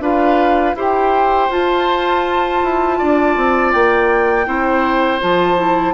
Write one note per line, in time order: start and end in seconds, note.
0.00 0.74 D4
0.00 0.76 F4
0.00 0.76 B4
0.00 0.77 F5
0.75 1.49 E4
0.75 1.50 G4
0.75 2.98 C5
0.81 1.52 G5
1.50 2.61 F4
1.50 4.46 F4
1.50 3.72 A5
2.64 3.01 E4
2.98 3.37 D4
2.98 4.46 D5
3.37 3.74 C4
3.72 4.47 A#3
3.72 5.20 G5
4.46 5.21 C4
4.46 5.20 E4
4.46 5.94 C5
5.20 5.94 F3
5.20 5.57 F4
5.20 5.94 A5
5.57 5.94 E4